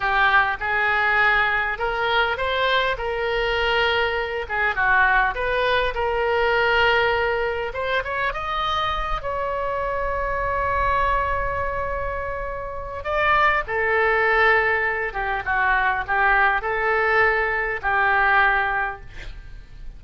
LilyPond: \new Staff \with { instrumentName = "oboe" } { \time 4/4 \tempo 4 = 101 g'4 gis'2 ais'4 | c''4 ais'2~ ais'8 gis'8 | fis'4 b'4 ais'2~ | ais'4 c''8 cis''8 dis''4. cis''8~ |
cis''1~ | cis''2 d''4 a'4~ | a'4. g'8 fis'4 g'4 | a'2 g'2 | }